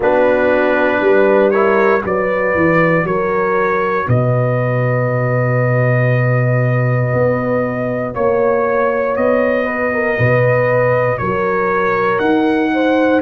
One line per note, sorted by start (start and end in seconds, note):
0.00 1.00 B3
0.00 1.53 D4
0.00 1.00 F#4
0.00 1.50 B4
1.00 2.02 G3
1.00 1.52 B4
1.50 2.00 E4
1.50 2.03 A#4
1.50 2.01 C#5
2.00 2.54 F#3
2.00 13.19 F#4
2.00 3.07 B4
2.00 3.06 D5
2.54 3.03 E3
3.03 4.05 F#3
3.03 4.06 A#4
3.03 4.08 C#5
4.06 7.13 B2
4.06 8.13 B4
4.06 8.14 D#5
7.13 8.14 B3
8.13 9.16 A#3
8.13 9.64 C#5
8.13 9.16 C#5
9.16 10.18 B3
9.16 11.18 D#5
9.64 9.90 B4
9.93 10.17 A#4
10.17 11.20 B2
10.17 11.19 B4
11.18 12.19 F#3
11.18 12.72 A#4
11.18 12.18 C#5
12.18 13.21 D#4
12.18 13.20 F#5
12.73 13.21 C5